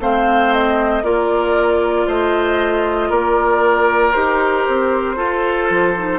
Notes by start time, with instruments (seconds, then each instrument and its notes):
0.00 bassoon A3, clarinet C4, oboe C5, flute F5
0.53 flute D#5
1.03 bassoon A#3, clarinet F4, oboe A#4, flute D5
2.07 bassoon A3, oboe C5, flute D#5
3.09 bassoon A#3, oboe A#4, flute D5
4.13 bassoon D#4, clarinet G4, flute C5
4.68 bassoon C4
5.16 clarinet F4, bassoon F4, oboe A4
5.70 bassoon F3
5.97 clarinet D#4